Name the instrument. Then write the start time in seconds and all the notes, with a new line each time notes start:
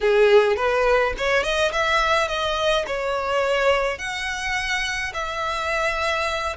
violin
0.00 G#4
0.56 B4
1.17 C#5
1.43 D#5
1.72 E5
2.28 D#5
2.86 C#5
3.98 F#5
5.13 E5